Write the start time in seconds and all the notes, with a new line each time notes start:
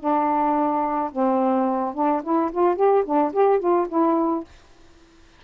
0.00 D4
1.12 C4
1.95 D4
2.24 E4
2.52 F4
2.77 G4
3.06 D4
3.34 G4
3.60 F4
3.89 E4